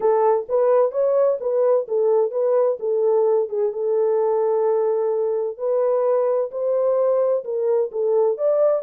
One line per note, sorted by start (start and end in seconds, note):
0.00 0.46 A4
0.48 0.91 B4
0.91 1.38 C#5
1.40 1.86 B4
1.88 2.31 A4
2.31 2.77 B4
2.79 3.49 A4
3.49 3.72 G#4
3.72 5.57 A4
5.57 6.50 B4
6.51 7.44 C5
7.44 7.91 A#4
7.91 8.37 A4
8.37 8.82 D5